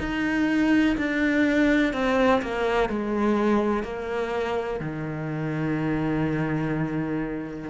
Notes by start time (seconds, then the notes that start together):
0.00 D#4
0.98 D4
1.94 C4
2.42 A#3
2.89 G#3
3.84 A#3
4.80 D#3